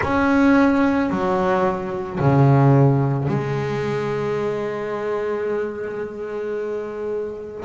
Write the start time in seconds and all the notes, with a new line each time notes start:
0.02 C#4
1.10 F#3
2.19 C#3
3.27 G#3